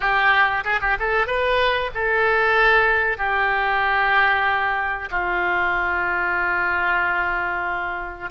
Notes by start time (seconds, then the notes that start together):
0.00 G4
0.64 G#4
0.81 G4
0.99 A4
1.26 B4
1.94 A4
3.17 G4
5.10 F4